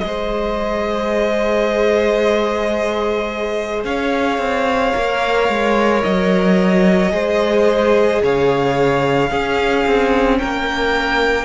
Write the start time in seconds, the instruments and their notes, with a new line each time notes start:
0.00 cello G#3, viola G#4, violin C5 D#5
3.84 cello C#4, violin C#5 F5
4.38 cello C4
4.92 cello A#3, viola A#4
5.49 cello G#3
6.03 cello F#3, violin D#5
7.10 cello G#3, viola G#4, violin C5
8.22 cello C#3, violin C#5 F5
9.30 cello C#4, viola C#4, violin G#4
9.86 cello C4
10.38 cello A#3, violin A#4 G5